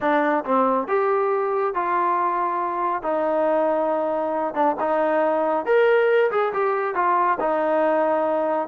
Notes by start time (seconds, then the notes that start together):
0.00 D4
0.44 C4
0.87 G4
1.74 F4
3.02 D#4
4.54 D4
4.79 D#4
5.65 A#4
6.31 G#4
6.53 G4
6.94 F4
7.40 D#4